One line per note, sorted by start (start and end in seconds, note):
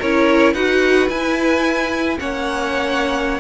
0.00 0.54 C#4
0.00 0.56 E4
0.00 0.54 A#4
0.00 0.54 C#5
0.54 1.09 D#4
0.54 1.10 F#4
0.54 2.17 B4
0.54 1.09 F#5
1.09 2.19 E4
1.09 2.19 G#5
2.19 3.40 A#3
2.19 3.40 C#4
2.19 3.40 C#5
2.19 3.40 F#5